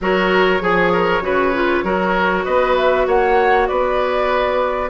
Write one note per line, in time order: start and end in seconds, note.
0.00 0.61 F#3
0.00 0.60 F#4
0.00 0.62 A#4
0.00 2.44 C#5
0.60 1.21 F3
0.60 1.21 G#4
0.60 0.92 G#4
0.92 1.23 A#4
1.21 1.82 C#3
1.21 1.52 F#4
1.21 1.84 B4
1.54 1.84 F4
1.83 2.44 F#3
1.83 4.90 F#4
1.83 2.44 A#4
2.44 3.07 B3
2.44 3.06 B4
2.44 2.75 D#5
2.76 3.07 E5
3.07 3.68 A#3
3.07 3.68 C#5
3.07 3.67 F#5
3.67 4.90 B3
3.67 4.90 B4
3.67 4.89 D5